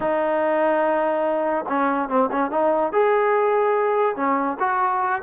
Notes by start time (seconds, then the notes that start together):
0.00 D#4
1.68 C#4
2.09 C4
2.31 C#4
2.50 D#4
2.92 G#4
4.16 C#4
4.59 F#4